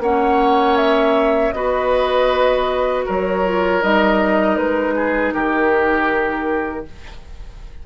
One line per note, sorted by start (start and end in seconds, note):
0.00 1.52 A#3
0.00 1.54 C#4
0.00 1.55 C#5
0.00 0.77 F#5
0.77 1.52 E5
1.52 3.06 B3
1.52 3.44 F#4
1.52 3.05 B4
1.52 3.04 D#5
3.05 3.83 F#3
3.05 4.95 A#4
3.05 3.83 C#5
3.45 3.82 F4
3.82 4.57 G3
3.82 6.86 D#4
3.82 4.57 D#5
4.57 5.33 G#3
4.57 5.33 B4
4.96 5.34 G#4
5.33 6.86 D#3
5.33 6.86 G4
5.33 6.85 A#4